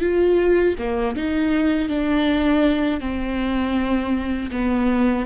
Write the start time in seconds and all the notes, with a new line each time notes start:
0.00 F4
0.78 A#3
1.16 D#4
1.89 D4
3.00 C4
4.51 B3